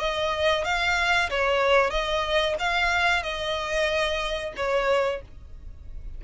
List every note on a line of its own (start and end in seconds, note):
0.00 0.65 D#5
0.65 1.30 F5
1.30 1.91 C#5
1.91 2.56 D#5
2.60 3.23 F5
3.23 4.54 D#5
4.57 5.22 C#5